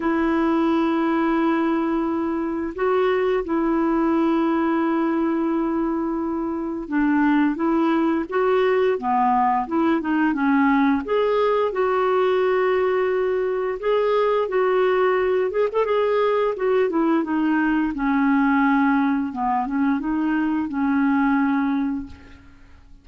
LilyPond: \new Staff \with { instrumentName = "clarinet" } { \time 4/4 \tempo 4 = 87 e'1 | fis'4 e'2.~ | e'2 d'4 e'4 | fis'4 b4 e'8 dis'8 cis'4 |
gis'4 fis'2. | gis'4 fis'4. gis'16 a'16 gis'4 | fis'8 e'8 dis'4 cis'2 | b8 cis'8 dis'4 cis'2 | }